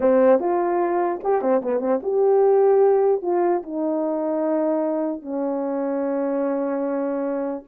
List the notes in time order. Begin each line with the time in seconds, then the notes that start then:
0.00 C4
0.39 F4
1.23 G4
1.41 C4
1.62 B3
1.80 C4
2.02 G4
3.22 F4
3.63 D#4
5.22 C#4